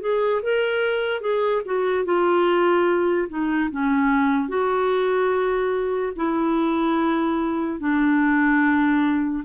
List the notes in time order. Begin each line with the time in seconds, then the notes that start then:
0.00 G#4
0.42 A#4
1.21 G#4
1.65 F#4
2.04 F4
3.29 D#4
3.71 C#4
4.48 F#4
6.16 E4
7.79 D4